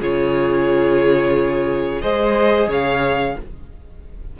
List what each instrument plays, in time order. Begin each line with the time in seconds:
0.00 cello C#3, viola F4, violin G#4 C#5
2.02 cello G#3, viola G#4, violin C5 D#5
2.68 cello C#3, violin C#5 F5